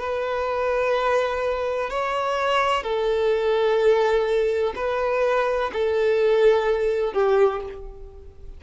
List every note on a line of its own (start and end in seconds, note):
0.00 1.90 B4
1.90 2.84 C#5
2.84 4.74 A4
4.76 5.71 B4
5.73 7.13 A4
7.13 7.61 G4